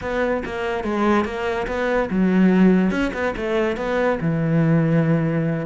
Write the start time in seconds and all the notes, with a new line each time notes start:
0.01 B3
0.45 A#3
0.84 G#3
1.25 A#3
1.67 B3
2.09 F#3
2.90 C#4
3.13 B3
3.36 A3
3.76 B3
4.21 E3